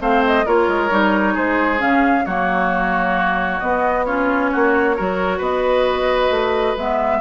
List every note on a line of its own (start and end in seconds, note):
0.00 0.46 A3
0.00 0.45 C4
0.00 0.46 C5
0.00 0.25 F5
0.26 0.48 D#5
0.46 0.68 A#3
0.46 0.90 F4
0.46 1.34 A#4
0.46 1.37 C#5
0.68 0.91 G#3
0.90 1.36 G3
0.90 1.78 D#4
1.34 1.82 G#3
1.34 2.24 G#4
1.34 1.82 C5
1.78 2.26 C#3
1.78 2.23 C#4
1.78 2.26 F5
2.26 3.61 F#3
2.26 3.62 A#3
2.26 4.06 F#4
2.26 3.60 C#5
3.60 4.07 B3
3.60 4.53 B3
3.60 4.05 D#5
4.06 4.97 C#4
4.06 4.51 F4
4.06 5.41 C#5
4.52 5.00 A#3
4.52 4.97 F#4
4.97 5.40 F#3
4.97 6.78 F#4
4.97 5.38 A#4
5.38 6.30 B3
5.38 7.19 B4
5.38 6.77 D#5
6.30 6.76 A3
6.77 7.21 G#3
6.77 7.21 B3
6.77 7.21 E5